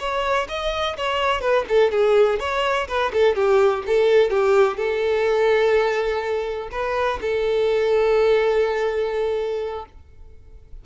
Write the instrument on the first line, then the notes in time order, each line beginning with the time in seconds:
violin
0.00 C#5
0.49 D#5
0.97 C#5
1.41 B4
1.69 A4
1.92 G#4
2.40 C#5
2.88 B4
3.13 A4
3.36 G4
3.87 A4
4.30 G4
4.78 A4
6.72 B4
7.22 A4